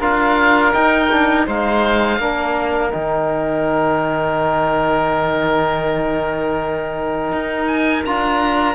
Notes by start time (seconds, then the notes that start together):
0.00 D4 F4 A#4 F5
0.73 D#4 G5
1.11 D4
1.46 G#3 D#4 C5 F5
2.19 A#3 D4 A#4
2.91 D#3 D#4 G5
7.32 D#4
7.67 G#5
8.05 D4 F4 A#5